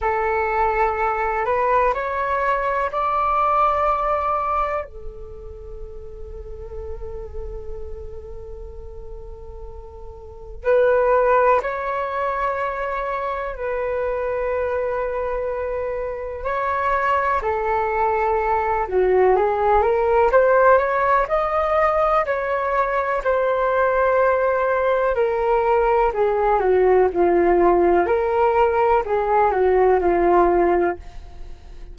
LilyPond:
\new Staff \with { instrumentName = "flute" } { \time 4/4 \tempo 4 = 62 a'4. b'8 cis''4 d''4~ | d''4 a'2.~ | a'2. b'4 | cis''2 b'2~ |
b'4 cis''4 a'4. fis'8 | gis'8 ais'8 c''8 cis''8 dis''4 cis''4 | c''2 ais'4 gis'8 fis'8 | f'4 ais'4 gis'8 fis'8 f'4 | }